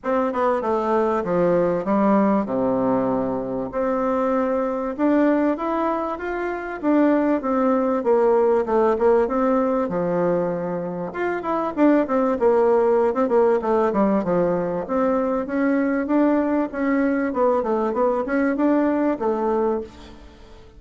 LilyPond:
\new Staff \with { instrumentName = "bassoon" } { \time 4/4 \tempo 4 = 97 c'8 b8 a4 f4 g4 | c2 c'2 | d'4 e'4 f'4 d'4 | c'4 ais4 a8 ais8 c'4 |
f2 f'8 e'8 d'8 c'8 | ais4~ ais16 c'16 ais8 a8 g8 f4 | c'4 cis'4 d'4 cis'4 | b8 a8 b8 cis'8 d'4 a4 | }